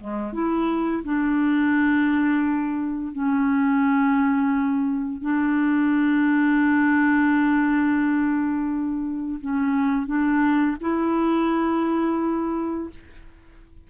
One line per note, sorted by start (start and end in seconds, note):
0.00 0.33 G#3
0.33 1.03 E4
1.04 3.12 D4
3.12 5.21 C#4
5.21 9.40 D4
9.40 10.07 C#4
10.07 10.76 D4
10.80 12.90 E4